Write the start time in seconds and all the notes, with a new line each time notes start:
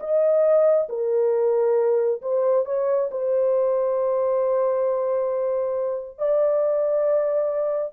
0.00 D#5
0.89 A#4
2.22 C5
2.66 C#5
3.12 C5
6.18 D5